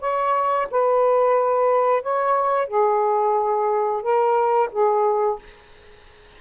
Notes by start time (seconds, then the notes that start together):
0.00 C#5
0.70 B4
2.02 C#5
2.68 G#4
4.02 A#4
4.71 G#4